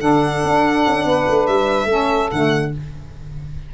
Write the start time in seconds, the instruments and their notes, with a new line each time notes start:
0.00 tuba D3, saxophone D4 A4, violin F#5
0.44 tuba D4
0.87 tuba C#4
1.05 tuba B3, saxophone B4
1.28 tuba A3
1.46 tuba G3, violin E5
1.85 tuba A3, saxophone C#4 A4
2.31 tuba D3, saxophone A3, violin F#5